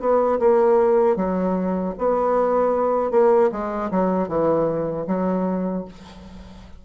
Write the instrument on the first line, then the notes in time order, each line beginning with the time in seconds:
bassoon
0.00 B3
0.40 A#3
1.17 F#3
1.98 B3
3.11 A#3
3.52 G#3
3.91 F#3
4.28 E3
5.07 F#3